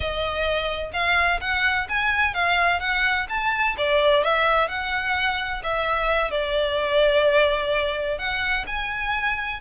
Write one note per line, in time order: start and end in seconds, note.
0.00 0.91 D#5
0.93 1.40 F5
1.40 1.87 F#5
1.88 2.34 G#5
2.34 2.80 F5
2.80 3.27 F#5
3.29 3.75 A5
3.77 4.23 D5
4.23 4.68 E5
4.68 5.62 F#5
5.63 6.30 E5
6.30 8.18 D5
8.18 8.65 F#5
8.66 9.60 G#5